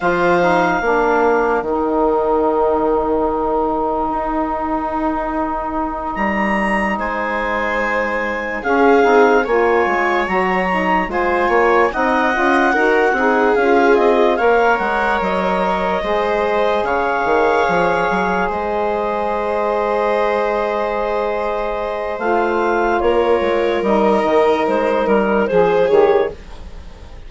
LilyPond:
<<
  \new Staff \with { instrumentName = "clarinet" } { \time 4/4 \tempo 4 = 73 f''2 g''2~ | g''2.~ g''8 ais''8~ | ais''8 gis''2 f''4 gis''8~ | gis''8 ais''4 gis''4 fis''4.~ |
fis''8 f''8 dis''8 f''8 fis''8 dis''4.~ | dis''8 f''2 dis''4.~ | dis''2. f''4 | cis''4 dis''4 c''8 ais'8 c''8 cis''8 | }
  \new Staff \with { instrumentName = "viola" } { \time 4/4 c''4 ais'2.~ | ais'1~ | ais'8 c''2 gis'4 cis''8~ | cis''4. c''8 cis''8 dis''4 ais'8 |
gis'4. cis''2 c''8~ | c''8 cis''2 c''4.~ | c''1 | ais'2. gis'4 | }
  \new Staff \with { instrumentName = "saxophone" } { \time 4/4 f'8 dis'8 d'4 dis'2~ | dis'1~ | dis'2~ dis'8 cis'8 dis'8 f'8~ | f'8 fis'8 dis'8 f'4 dis'8 f'8 fis'8 |
dis'8 f'4 ais'2 gis'8~ | gis'1~ | gis'2. f'4~ | f'4 dis'2 gis'8 g'8 | }
  \new Staff \with { instrumentName = "bassoon" } { \time 4/4 f4 ais4 dis2~ | dis4 dis'2~ dis'8 g8~ | g8 gis2 cis'8 c'8 ais8 | gis8 fis4 gis8 ais8 c'8 cis'8 dis'8 |
c'8 cis'8 c'8 ais8 gis8 fis4 gis8~ | gis8 cis8 dis8 f8 fis8 gis4.~ | gis2. a4 | ais8 gis8 g8 dis8 gis8 g8 f8 dis8 | }
>>